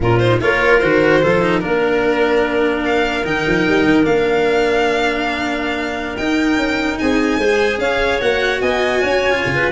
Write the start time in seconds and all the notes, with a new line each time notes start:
0.00 A#2 C#4 F4 A#4
0.19 D#4 C5
0.40 A#3 F4 A#4 C#5
0.78 D#3 F#4 C5
1.21 F3 F4 A4
1.41 D#4
1.59 A#3 D4 A#4
2.85 F5
3.24 D#3 D#4 G5
3.46 F3
3.68 G3
3.84 D#3
4.03 A#3 D4 F5
6.17 D#4 G5
6.56 C#4
6.98 C4 G#4 G#5
7.37 G#3 G#4 C5
7.78 C#4 C#5 F5
8.20 A#3 F#4 F#5
8.61 B3 D#5 G#5
9.01 C#4 C#5
9.30 F4
9.45 C#3
9.55 B4